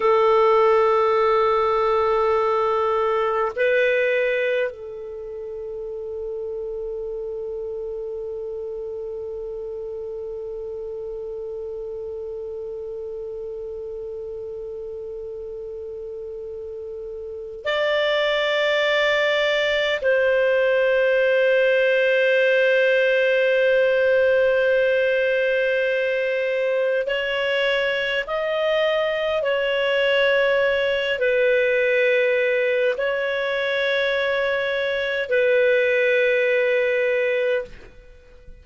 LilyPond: \new Staff \with { instrumentName = "clarinet" } { \time 4/4 \tempo 4 = 51 a'2. b'4 | a'1~ | a'1~ | a'2. d''4~ |
d''4 c''2.~ | c''2. cis''4 | dis''4 cis''4. b'4. | cis''2 b'2 | }